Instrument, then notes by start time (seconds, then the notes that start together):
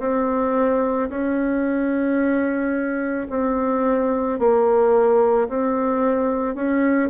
bassoon
0.00 C4
1.10 C#4
3.30 C4
4.39 A#3
5.49 C4
6.55 C#4